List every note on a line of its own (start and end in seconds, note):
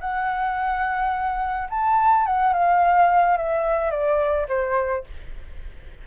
0.00 1.68 F#5
1.69 2.26 A5
2.26 2.53 F#5
2.53 3.37 F5
3.37 3.90 E5
3.90 4.46 D5
4.48 5.04 C5